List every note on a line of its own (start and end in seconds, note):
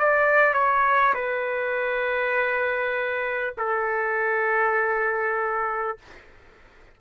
0.00 0.54 D5
0.54 1.14 C#5
1.15 3.55 B4
3.58 5.98 A4